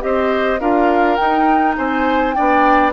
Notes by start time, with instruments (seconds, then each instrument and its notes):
0.00 bassoon C4, clarinet G4, oboe C5, flute D#5
0.60 bassoon D4, clarinet F4, oboe A#4, flute F5
1.16 clarinet D#4, bassoon D#4, flute G5
1.77 bassoon C4, oboe C5, flute G#5
2.33 bassoon B3, clarinet D4, oboe D5, flute G5